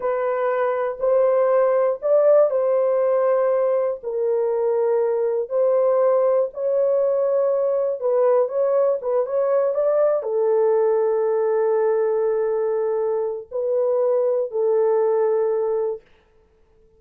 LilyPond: \new Staff \with { instrumentName = "horn" } { \time 4/4 \tempo 4 = 120 b'2 c''2 | d''4 c''2. | ais'2. c''4~ | c''4 cis''2. |
b'4 cis''4 b'8 cis''4 d''8~ | d''8 a'2.~ a'8~ | a'2. b'4~ | b'4 a'2. | }